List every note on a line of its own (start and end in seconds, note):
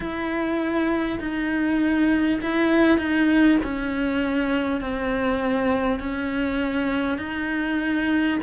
0.00 1.19 E4
1.19 2.39 D#4
2.42 2.98 E4
2.98 3.58 D#4
3.63 4.81 C#4
4.81 5.99 C4
5.99 7.17 C#4
7.17 8.37 D#4